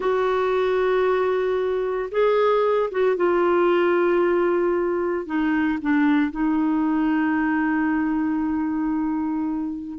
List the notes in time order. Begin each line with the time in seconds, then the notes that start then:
0.00 F#4
2.11 G#4
2.91 F#4
3.16 F4
5.26 D#4
5.81 D4
6.31 D#4